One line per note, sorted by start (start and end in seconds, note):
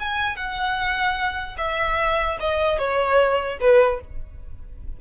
0.00 0.37 G#5
0.37 1.57 F#5
1.58 2.38 E5
2.41 2.79 D#5
2.79 3.59 C#5
3.61 4.01 B4